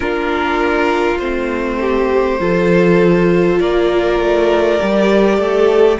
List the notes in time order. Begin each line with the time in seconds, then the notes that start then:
0.00 A#3 D4 F4 A#4
1.18 A3 C4 C5
1.80 G4
2.39 F3 F4 A4
3.59 A#3 A#4 D5
4.19 A3
4.78 G3 G4
5.38 A3 A4